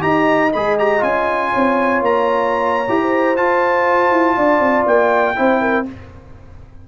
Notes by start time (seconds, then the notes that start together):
0.00 D#4 G4 D#5 A#5
0.52 G#3 G#4 B5
0.78 G4 A#5
0.99 C#4 F4 G#5
1.50 C4 C#5
2.01 A#3 A#5
2.88 E4 G4
3.01 C5
3.36 F4 A5
4.11 E4
4.36 D4 D5
4.59 C4
4.86 A#3 G5
5.36 C4 E4 C5
5.61 A#4